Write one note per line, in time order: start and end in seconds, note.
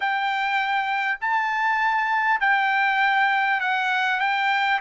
0.00 1.18 G5
1.20 2.40 A5
2.40 3.60 G5
3.60 4.19 F#5
4.19 4.79 G5